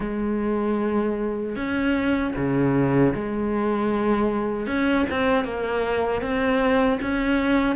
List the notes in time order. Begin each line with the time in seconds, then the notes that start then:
0.00 G#3
1.55 C#4
2.36 C#3
3.14 G#3
4.66 C#4
5.10 C4
5.44 A#3
6.21 C4
7.01 C#4